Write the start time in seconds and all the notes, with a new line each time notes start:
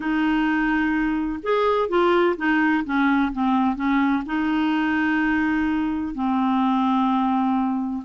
0.00 D#4
1.42 G#4
1.89 F4
2.36 D#4
2.85 C#4
3.32 C4
3.75 C#4
4.26 D#4
6.14 C4